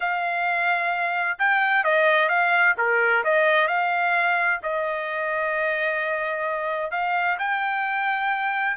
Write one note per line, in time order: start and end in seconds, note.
0.00 1.38 F5
1.38 1.84 G5
1.84 2.28 D#5
2.28 2.74 F5
2.77 3.23 A#4
3.24 3.67 D#5
3.67 4.59 F5
4.62 6.91 D#5
6.91 7.37 F5
7.38 8.76 G5